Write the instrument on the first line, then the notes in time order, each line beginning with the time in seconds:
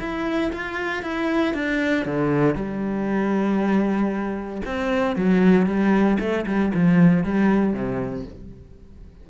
cello
0.00 E4
0.53 F4
1.03 E4
1.54 D4
2.05 D3
2.55 G3
4.66 C4
5.16 F#3
5.67 G3
6.20 A3
6.47 G3
6.75 F3
7.24 G3
7.74 C3